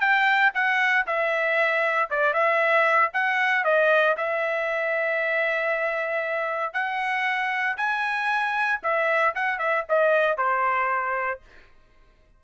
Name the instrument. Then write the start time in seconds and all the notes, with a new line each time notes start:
trumpet
0.00 G5
0.54 F#5
1.06 E5
2.10 D5
2.33 E5
3.13 F#5
3.64 D#5
4.17 E5
6.73 F#5
7.77 G#5
8.83 E5
9.35 F#5
9.59 E5
9.89 D#5
10.37 C5